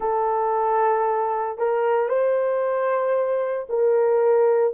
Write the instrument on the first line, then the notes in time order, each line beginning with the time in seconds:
horn
0.00 A4
1.58 A#4
2.09 C5
3.68 A#4